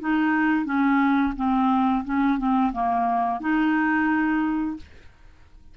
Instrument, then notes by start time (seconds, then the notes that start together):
clarinet
0.00 D#4
0.65 C#4
1.36 C4
2.04 C#4
2.38 C4
2.72 A#3
3.40 D#4